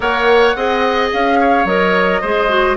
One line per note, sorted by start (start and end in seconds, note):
0.00 0.55 A#3
0.00 0.54 A#4
0.00 0.56 C#5
0.00 1.08 F#5
0.55 1.11 C4
0.55 1.66 G#4
0.55 1.39 D#5
1.12 1.64 C#4
1.12 1.66 F5
1.40 2.21 C#5
1.64 2.20 F#3
1.64 2.22 A#4
1.64 2.76 D#5
2.21 2.76 G#3
2.21 2.48 G#4
2.21 2.76 C5
2.48 2.76 F#4